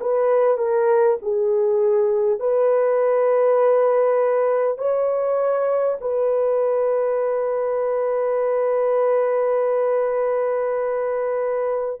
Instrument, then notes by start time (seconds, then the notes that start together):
horn
0.00 B4
0.57 A#4
1.22 G#4
2.39 B4
4.78 C#5
6.01 B4